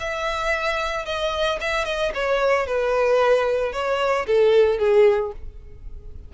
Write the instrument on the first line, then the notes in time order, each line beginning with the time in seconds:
violin
0.00 E5
1.05 D#5
1.61 E5
1.85 D#5
2.14 C#5
2.67 B4
3.73 C#5
4.27 A4
4.79 G#4